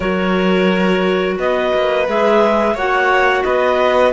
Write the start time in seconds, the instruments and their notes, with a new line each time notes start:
0.00 cello F#3, clarinet F#4 C#5, violin A#4
1.38 cello B3, violin B4, clarinet D#5
1.73 cello A#3
2.07 cello G#3, clarinet G#4 E5
2.74 cello A#3, clarinet F#4 F#5, violin C#5
3.43 cello B3, violin B4, clarinet D#5